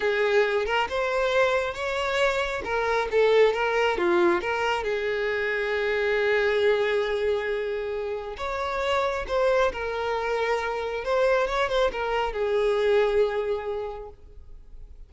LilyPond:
\new Staff \with { instrumentName = "violin" } { \time 4/4 \tempo 4 = 136 gis'4. ais'8 c''2 | cis''2 ais'4 a'4 | ais'4 f'4 ais'4 gis'4~ | gis'1~ |
gis'2. cis''4~ | cis''4 c''4 ais'2~ | ais'4 c''4 cis''8 c''8 ais'4 | gis'1 | }